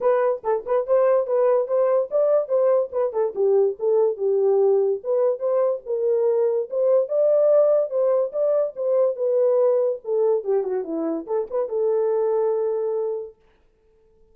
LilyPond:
\new Staff \with { instrumentName = "horn" } { \time 4/4 \tempo 4 = 144 b'4 a'8 b'8 c''4 b'4 | c''4 d''4 c''4 b'8 a'8 | g'4 a'4 g'2 | b'4 c''4 ais'2 |
c''4 d''2 c''4 | d''4 c''4 b'2 | a'4 g'8 fis'8 e'4 a'8 b'8 | a'1 | }